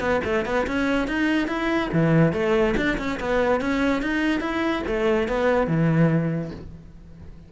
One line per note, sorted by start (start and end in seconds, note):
0.00 0.21 B3
0.25 0.46 A3
0.46 0.67 B3
0.67 1.08 C#4
1.08 1.48 D#4
1.48 1.90 E4
1.93 2.33 E3
2.33 2.75 A3
2.77 2.98 D4
2.98 3.19 C#4
3.20 3.61 B3
3.61 4.02 C#4
4.02 4.41 D#4
4.41 4.83 E4
4.87 5.28 A3
5.28 5.68 B3
5.68 6.51 E3